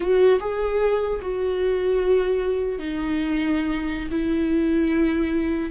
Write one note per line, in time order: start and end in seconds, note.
0.00 0.39 F#4
0.39 1.19 G#4
1.21 2.78 F#4
2.78 4.08 D#4
4.10 5.70 E4